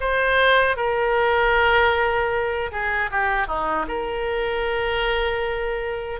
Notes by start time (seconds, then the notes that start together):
0.00 C5
0.76 A#4
2.71 G#4
3.11 G4
3.47 D#4
3.88 A#4